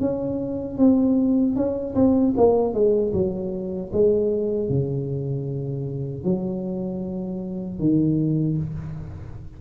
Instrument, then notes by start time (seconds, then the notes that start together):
tuba
0.00 C#4
0.78 C4
1.56 C#4
1.95 C4
2.37 A#3
2.74 G#3
3.13 F#3
3.92 G#3
4.69 C#3
6.24 F#3
7.80 D#3